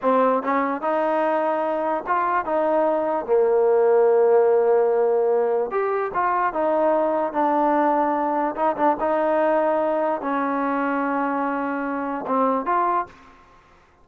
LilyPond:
\new Staff \with { instrumentName = "trombone" } { \time 4/4 \tempo 4 = 147 c'4 cis'4 dis'2~ | dis'4 f'4 dis'2 | ais1~ | ais2 g'4 f'4 |
dis'2 d'2~ | d'4 dis'8 d'8 dis'2~ | dis'4 cis'2.~ | cis'2 c'4 f'4 | }